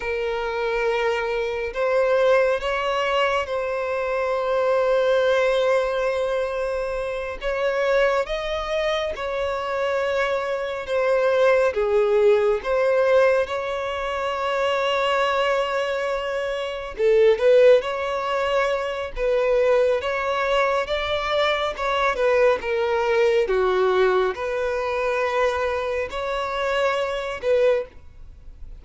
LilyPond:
\new Staff \with { instrumentName = "violin" } { \time 4/4 \tempo 4 = 69 ais'2 c''4 cis''4 | c''1~ | c''8 cis''4 dis''4 cis''4.~ | cis''8 c''4 gis'4 c''4 cis''8~ |
cis''2.~ cis''8 a'8 | b'8 cis''4. b'4 cis''4 | d''4 cis''8 b'8 ais'4 fis'4 | b'2 cis''4. b'8 | }